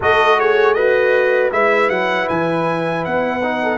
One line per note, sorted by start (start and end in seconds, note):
0.00 1.51 A3
0.00 0.76 F#4
0.00 0.38 A4
0.00 0.39 D#5
0.39 0.76 G#4
0.39 0.73 C#5
0.73 1.52 F#4
0.73 1.51 B4
0.73 1.49 D#5
1.51 1.89 G#3
1.51 3.41 E4
1.51 3.61 B4
1.51 1.89 E5
1.89 2.27 F#3
1.89 2.27 F#5
2.28 3.05 E3
2.28 3.04 G#5
3.05 3.78 B3
3.05 3.78 F#5
3.43 3.78 D#4
3.62 3.78 A4